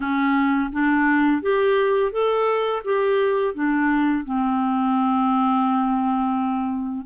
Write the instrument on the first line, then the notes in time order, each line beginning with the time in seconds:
clarinet
0.00 C#4
0.72 D4
1.41 G4
2.11 A4
2.84 G4
3.54 D4
4.24 C4